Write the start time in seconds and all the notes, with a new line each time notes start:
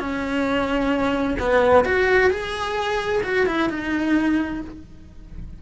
0.00 C#4
1.39 B3
1.85 F#4
2.31 G#4
3.24 F#4
3.47 E4
3.70 D#4